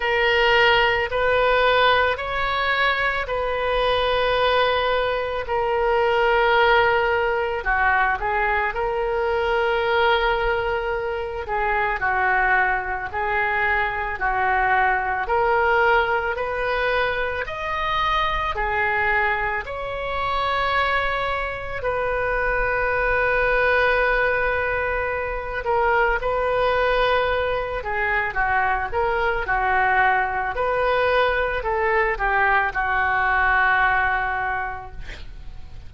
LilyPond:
\new Staff \with { instrumentName = "oboe" } { \time 4/4 \tempo 4 = 55 ais'4 b'4 cis''4 b'4~ | b'4 ais'2 fis'8 gis'8 | ais'2~ ais'8 gis'8 fis'4 | gis'4 fis'4 ais'4 b'4 |
dis''4 gis'4 cis''2 | b'2.~ b'8 ais'8 | b'4. gis'8 fis'8 ais'8 fis'4 | b'4 a'8 g'8 fis'2 | }